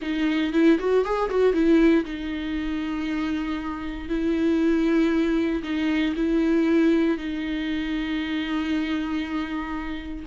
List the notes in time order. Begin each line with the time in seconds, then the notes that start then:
0.01 D#4
0.52 E4
0.79 F#4
1.04 G#4
1.29 F#4
1.53 E4
2.04 D#4
4.08 E4
5.63 D#4
6.16 E4
7.17 D#4